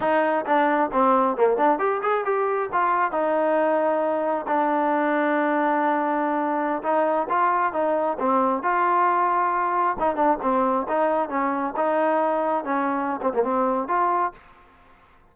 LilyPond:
\new Staff \with { instrumentName = "trombone" } { \time 4/4 \tempo 4 = 134 dis'4 d'4 c'4 ais8 d'8 | g'8 gis'8 g'4 f'4 dis'4~ | dis'2 d'2~ | d'2.~ d'16 dis'8.~ |
dis'16 f'4 dis'4 c'4 f'8.~ | f'2~ f'16 dis'8 d'8 c'8.~ | c'16 dis'4 cis'4 dis'4.~ dis'16~ | dis'16 cis'4~ cis'16 c'16 ais16 c'4 f'4 | }